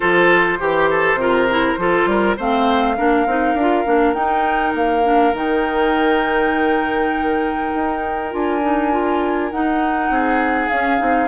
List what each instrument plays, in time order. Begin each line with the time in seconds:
0.00 bassoon F3, clarinet F4, oboe A4, flute C5
0.59 bassoon E3, clarinet G4, oboe G4
0.89 oboe A4
1.14 bassoon C3, clarinet F4
1.20 oboe A#4
1.49 clarinet E4
1.77 bassoon F3, clarinet F4, oboe A4
2.05 bassoon G3, oboe A#4
2.36 bassoon A3, clarinet C4, oboe C5, flute F5
2.96 bassoon A#3, clarinet D4, oboe A#4
3.26 bassoon C4, clarinet D#4
3.54 bassoon D4, clarinet F4
3.85 bassoon A#3, clarinet D4
4.13 bassoon D#4, clarinet D#4, flute G5
4.74 bassoon A#3, flute F5
5.03 clarinet D4
5.33 bassoon D#3, clarinet D#4, flute G5
7.74 bassoon D#4
8.31 bassoon D4, clarinet F4, flute G#5
8.61 clarinet D#4
8.91 clarinet F4
9.51 clarinet D#4, bassoon D#4, flute F#5
10.09 bassoon C4, oboe G#4
10.69 bassoon C#4, clarinet C#4, flute F5
10.98 bassoon C4, clarinet D#4